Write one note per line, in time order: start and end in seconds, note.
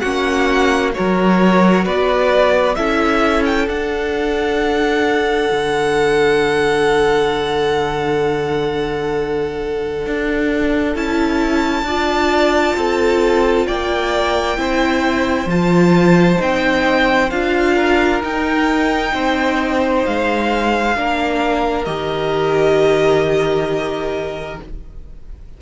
0.00 0.95 A#3
0.00 0.92 C#4
0.00 0.92 F#4
0.00 0.91 F#5
0.92 2.73 F#4
0.92 1.84 A#4
0.92 1.85 C#5
0.99 1.87 F#3
1.84 2.77 B3
1.84 2.75 B4
1.84 2.75 D5
2.75 3.67 C#4
2.75 3.67 E4
2.75 11.86 A4
2.75 3.43 E5
3.45 3.68 G5
3.67 10.94 D4
3.67 5.49 D4
3.67 10.96 F#5
5.52 10.06 D3
10.06 10.95 D4
10.94 11.83 C#4
10.94 11.85 E4
10.94 13.67 A5
11.83 12.74 D4
11.83 14.57 F4
11.83 12.77 D5
12.76 13.67 C4
12.76 13.66 A4
13.66 14.58 A#3
13.66 14.57 D5
13.66 15.49 G5
14.57 15.46 C4
14.57 15.48 E4
14.57 17.75 C5
15.46 16.37 F3
15.46 16.38 F4
15.46 16.41 A5
16.38 17.31 C4
16.38 17.29 D#4
16.38 17.30 G5
17.30 18.22 D4
17.30 18.22 F4
17.30 18.21 F5
17.75 19.12 A#4
18.22 20.95 D#4
18.22 19.14 D#4
18.22 20.06 G5
19.14 20.05 C4
19.14 20.97 C5
20.06 20.96 G#3
20.06 21.85 F5
20.96 21.87 A#3
20.96 21.86 D4
20.96 24.62 A#4
21.85 24.59 D#3
21.85 24.59 G4
21.85 24.57 D#5